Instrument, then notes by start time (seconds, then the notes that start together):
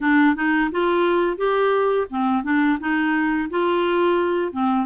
clarinet
0.00 D4
0.35 D#4
0.71 F4
1.37 G4
2.09 C4
2.43 D4
2.79 D#4
3.49 F4
4.52 C4